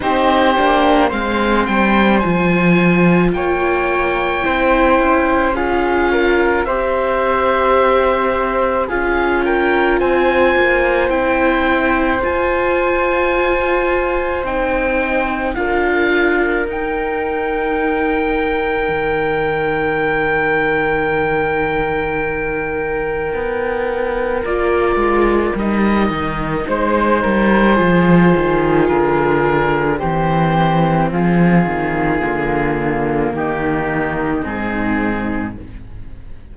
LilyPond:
<<
  \new Staff \with { instrumentName = "oboe" } { \time 4/4 \tempo 4 = 54 c''4 f''8 g''8 gis''4 g''4~ | g''4 f''4 e''2 | f''8 g''8 gis''4 g''4 gis''4~ | gis''4 g''4 f''4 g''4~ |
g''1~ | g''2 d''4 dis''4 | c''2 ais'4 c''4 | gis'2 g'4 gis'4 | }
  \new Staff \with { instrumentName = "flute" } { \time 4/4 g'4 c''2 cis''4 | c''4 gis'8 ais'8 c''2 | gis'8 ais'8 c''2.~ | c''2 ais'2~ |
ais'1~ | ais'1 | c''8 ais'8 gis'2 g'4 | f'2 dis'2 | }
  \new Staff \with { instrumentName = "viola" } { \time 4/4 dis'8 d'8 c'4 f'2 | e'4 f'4 g'2 | f'2 e'4 f'4~ | f'4 dis'4 f'4 dis'4~ |
dis'1~ | dis'2 f'4 dis'4~ | dis'4 f'2 c'4~ | c'4 ais2 c'4 | }
  \new Staff \with { instrumentName = "cello" } { \time 4/4 c'8 ais8 gis8 g8 f4 ais4 | c'8 cis'4. c'2 | cis'4 c'8 ais8 c'4 f'4~ | f'4 c'4 d'4 dis'4~ |
dis'4 dis2.~ | dis4 b4 ais8 gis8 g8 dis8 | gis8 g8 f8 dis8 d4 e4 | f8 dis8 d4 dis4 gis,4 | }
>>